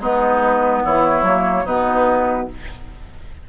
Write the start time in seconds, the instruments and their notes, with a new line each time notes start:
0.00 bassoon G#3, clarinet B3, oboe D#4, flute B4
0.84 bassoon E3, oboe E4, flute C#5
1.22 bassoon F#3, clarinet A#3
1.64 bassoon B2, clarinet B3, oboe D#4, flute B4